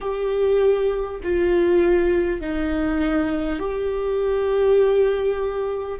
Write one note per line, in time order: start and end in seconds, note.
0.01 1.21 G4
1.23 2.41 F4
2.41 3.59 D#4
3.59 5.99 G4